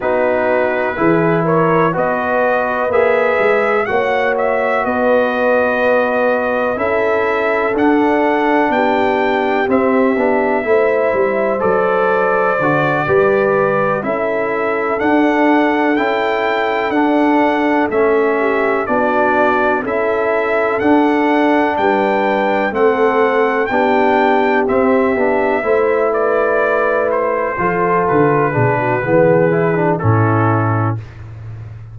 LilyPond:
<<
  \new Staff \with { instrumentName = "trumpet" } { \time 4/4 \tempo 4 = 62 b'4. cis''8 dis''4 e''4 | fis''8 e''8 dis''2 e''4 | fis''4 g''4 e''2 | d''2~ d''8 e''4 fis''8~ |
fis''8 g''4 fis''4 e''4 d''8~ | d''8 e''4 fis''4 g''4 fis''8~ | fis''8 g''4 e''4. d''4 | c''4 b'2 a'4 | }
  \new Staff \with { instrumentName = "horn" } { \time 4/4 fis'4 gis'8 ais'8 b'2 | cis''4 b'2 a'4~ | a'4 g'2 c''4~ | c''4. b'4 a'4.~ |
a'2. g'8 fis'8~ | fis'8 a'2 b'4 a'8~ | a'8 g'2 c''8 b'4~ | b'8 a'4 gis'16 fis'16 gis'4 e'4 | }
  \new Staff \with { instrumentName = "trombone" } { \time 4/4 dis'4 e'4 fis'4 gis'4 | fis'2. e'4 | d'2 c'8 d'8 e'4 | a'4 fis'8 g'4 e'4 d'8~ |
d'8 e'4 d'4 cis'4 d'8~ | d'8 e'4 d'2 c'8~ | c'8 d'4 c'8 d'8 e'4.~ | e'8 f'4 d'8 b8 e'16 d'16 cis'4 | }
  \new Staff \with { instrumentName = "tuba" } { \time 4/4 b4 e4 b4 ais8 gis8 | ais4 b2 cis'4 | d'4 b4 c'8 b8 a8 g8 | fis4 d8 g4 cis'4 d'8~ |
d'8 cis'4 d'4 a4 b8~ | b8 cis'4 d'4 g4 a8~ | a8 b4 c'8 b8 a4.~ | a8 f8 d8 b,8 e4 a,4 | }
>>